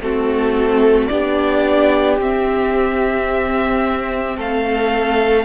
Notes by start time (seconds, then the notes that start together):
0.00 A3 C4 F#4 A4
1.07 B3 D4 G4 D5
2.19 C4 E5
4.37 A3 A4 F5